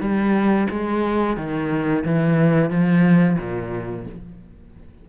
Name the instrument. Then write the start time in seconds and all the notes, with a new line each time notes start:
cello
0.00 G3
0.70 G#3
1.37 D#3
2.05 E3
2.70 F3
3.39 A#2